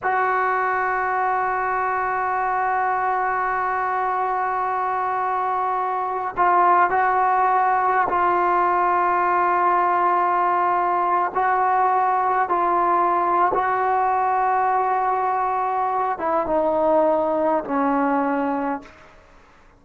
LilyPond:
\new Staff \with { instrumentName = "trombone" } { \time 4/4 \tempo 4 = 102 fis'1~ | fis'1~ | fis'2~ fis'8. f'4 fis'16~ | fis'4.~ fis'16 f'2~ f'16~ |
f'2.~ f'16 fis'8.~ | fis'4~ fis'16 f'4.~ f'16 fis'4~ | fis'2.~ fis'8 e'8 | dis'2 cis'2 | }